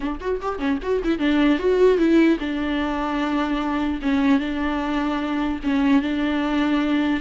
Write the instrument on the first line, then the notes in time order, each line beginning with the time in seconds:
viola
0.00 D4
0.20 F#4
0.41 G4
0.59 C#4
0.82 F#4
1.04 E4
1.19 D4
1.59 F#4
1.97 E4
2.39 D4
4.01 C#4
4.39 D4
5.63 C#4
6.01 D4